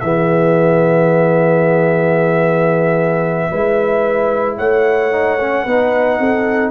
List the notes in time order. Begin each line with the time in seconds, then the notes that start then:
0.00 E3 B3 G#4 E5
3.49 G#3 E4 B4
4.57 A3 C#5 F#5
5.12 D#4
5.40 C#4
5.64 B3 D#4 B4
6.19 C4 A4